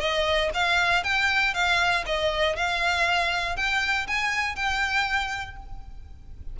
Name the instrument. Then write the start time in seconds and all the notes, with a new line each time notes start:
violin
0.00 D#5
0.54 F5
1.04 G5
1.54 F5
2.06 D#5
2.56 F5
3.56 G5
4.07 G#5
4.55 G5